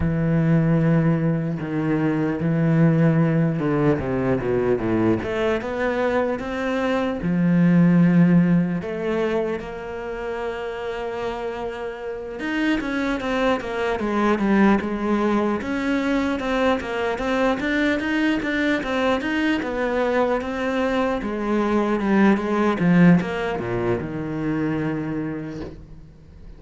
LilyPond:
\new Staff \with { instrumentName = "cello" } { \time 4/4 \tempo 4 = 75 e2 dis4 e4~ | e8 d8 c8 b,8 a,8 a8 b4 | c'4 f2 a4 | ais2.~ ais8 dis'8 |
cis'8 c'8 ais8 gis8 g8 gis4 cis'8~ | cis'8 c'8 ais8 c'8 d'8 dis'8 d'8 c'8 | dis'8 b4 c'4 gis4 g8 | gis8 f8 ais8 ais,8 dis2 | }